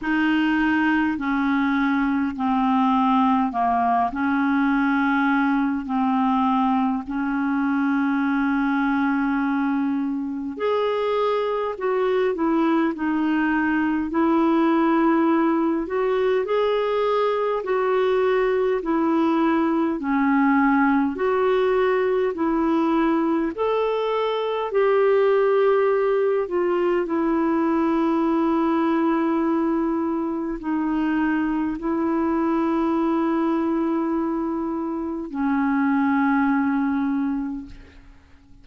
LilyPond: \new Staff \with { instrumentName = "clarinet" } { \time 4/4 \tempo 4 = 51 dis'4 cis'4 c'4 ais8 cis'8~ | cis'4 c'4 cis'2~ | cis'4 gis'4 fis'8 e'8 dis'4 | e'4. fis'8 gis'4 fis'4 |
e'4 cis'4 fis'4 e'4 | a'4 g'4. f'8 e'4~ | e'2 dis'4 e'4~ | e'2 cis'2 | }